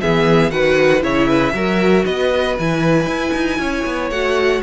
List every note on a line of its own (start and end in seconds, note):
0.00 0.51 E3
0.00 0.50 B3
0.00 0.52 G#4
0.00 0.50 E5
0.50 1.02 D#3
0.50 1.01 F#4
0.50 1.03 B4
0.50 1.02 F#5
1.01 1.53 C#3
1.01 1.52 E4
1.01 1.27 C#5
1.01 2.05 E5
1.27 1.52 B4
1.53 2.04 F#3
1.53 2.57 F#4
1.53 2.04 A#4
2.04 2.57 B3
2.04 3.58 B4
2.04 2.56 D#5
2.58 3.06 E3
2.58 4.12 E4
2.58 4.10 G#5
3.06 3.32 E4
3.33 3.58 D#4
3.58 3.84 C#4
3.58 4.62 C#5
3.85 4.10 B3
4.10 4.62 A3
4.10 4.62 F#4
4.10 4.61 F#5